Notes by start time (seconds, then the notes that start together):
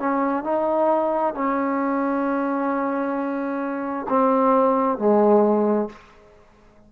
0.00 C#4
0.44 D#4
1.34 C#4
4.10 C4
4.99 G#3